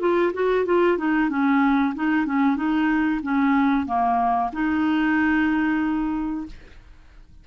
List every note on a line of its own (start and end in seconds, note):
0.00 0.32 F4
0.33 0.65 F#4
0.65 0.98 F4
0.98 1.30 D#4
1.30 1.94 C#4
1.95 2.26 D#4
2.26 2.56 C#4
2.56 3.21 D#4
3.23 3.86 C#4
3.86 4.51 A#3
4.53 6.46 D#4